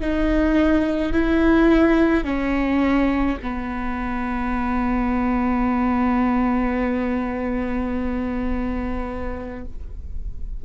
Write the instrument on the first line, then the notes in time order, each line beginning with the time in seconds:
viola
0.00 D#4
1.12 E4
2.24 C#4
3.42 B3